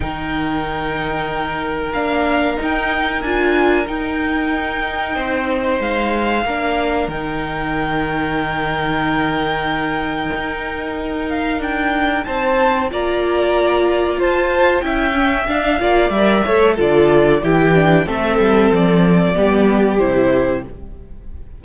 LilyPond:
<<
  \new Staff \with { instrumentName = "violin" } { \time 4/4 \tempo 4 = 93 g''2. f''4 | g''4 gis''4 g''2~ | g''4 f''2 g''4~ | g''1~ |
g''4. f''8 g''4 a''4 | ais''2 a''4 g''4 | f''4 e''4 d''4 g''4 | e''4 d''2 c''4 | }
  \new Staff \with { instrumentName = "violin" } { \time 4/4 ais'1~ | ais'1 | c''2 ais'2~ | ais'1~ |
ais'2. c''4 | d''2 c''4 e''4~ | e''8 d''4 cis''8 a'4 g'4 | a'2 g'2 | }
  \new Staff \with { instrumentName = "viola" } { \time 4/4 dis'2. d'4 | dis'4 f'4 dis'2~ | dis'2 d'4 dis'4~ | dis'1~ |
dis'1 | f'2. e'8 cis'8 | d'8 f'8 ais'8 a'8 f'4 e'8 d'8 | c'2 b4 e'4 | }
  \new Staff \with { instrumentName = "cello" } { \time 4/4 dis2. ais4 | dis'4 d'4 dis'2 | c'4 gis4 ais4 dis4~ | dis1 |
dis'2 d'4 c'4 | ais2 f'4 cis'4 | d'8 ais8 g8 a8 d4 e4 | a8 g8 f4 g4 c4 | }
>>